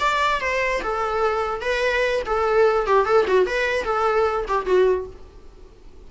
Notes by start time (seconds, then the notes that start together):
0.00 D5
0.41 C5
0.83 A4
1.61 B4
2.26 A4
2.87 G4
3.06 A4
3.27 F#4
3.46 B4
3.84 A4
4.48 G4
4.66 F#4